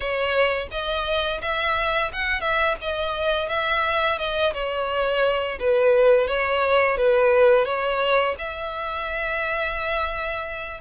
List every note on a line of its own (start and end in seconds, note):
0.00 0.68 C#5
0.71 1.40 D#5
1.41 2.11 E5
2.12 2.40 F#5
2.40 2.75 E5
2.81 3.49 D#5
3.49 4.18 E5
4.18 4.53 D#5
4.53 5.58 C#5
5.59 6.27 B4
6.27 6.97 C#5
6.97 7.65 B4
7.65 8.35 C#5
8.38 10.80 E5